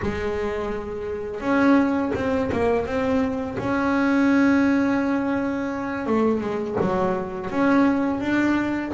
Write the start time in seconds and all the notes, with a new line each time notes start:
0.02 G#3
1.40 C#4
2.14 C4
2.52 A#3
2.86 C4
3.58 C#4
6.06 A3
6.40 G#3
6.81 F#3
7.50 C#4
8.20 D4